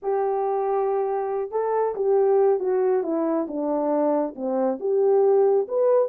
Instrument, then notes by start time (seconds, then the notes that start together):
horn
0.02 G4
1.51 A4
1.95 G4
2.59 F#4
3.03 E4
3.47 D4
4.35 C4
4.80 G4
5.67 B4